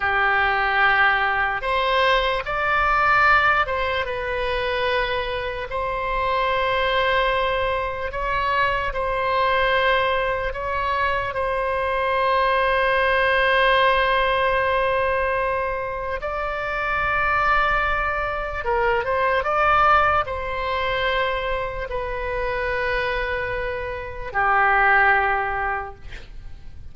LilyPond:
\new Staff \with { instrumentName = "oboe" } { \time 4/4 \tempo 4 = 74 g'2 c''4 d''4~ | d''8 c''8 b'2 c''4~ | c''2 cis''4 c''4~ | c''4 cis''4 c''2~ |
c''1 | d''2. ais'8 c''8 | d''4 c''2 b'4~ | b'2 g'2 | }